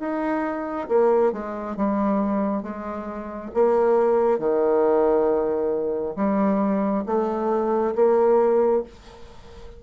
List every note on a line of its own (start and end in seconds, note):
0.00 0.88 D#4
0.89 1.33 A#3
1.33 1.76 G#3
1.76 2.63 G3
2.63 3.51 G#3
3.55 4.39 A#3
4.39 6.16 D#3
6.16 7.05 G3
7.07 7.95 A3
7.96 8.84 A#3